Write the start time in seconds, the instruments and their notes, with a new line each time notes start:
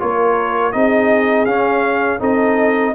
0.00 tuba A#3, trombone F4, horn A#4, trumpet C#5
0.73 tuba C4, trombone D#4, horn G#4, trumpet D#5
1.46 tuba C#4, trombone C#4, trumpet F5
2.20 tuba C4, trombone D#4, horn A4, trumpet D#5